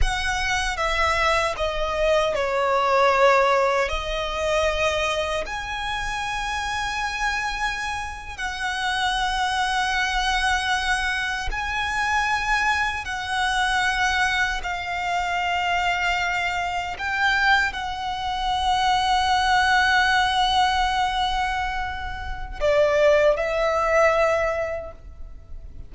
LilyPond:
\new Staff \with { instrumentName = "violin" } { \time 4/4 \tempo 4 = 77 fis''4 e''4 dis''4 cis''4~ | cis''4 dis''2 gis''4~ | gis''2~ gis''8. fis''4~ fis''16~ | fis''2~ fis''8. gis''4~ gis''16~ |
gis''8. fis''2 f''4~ f''16~ | f''4.~ f''16 g''4 fis''4~ fis''16~ | fis''1~ | fis''4 d''4 e''2 | }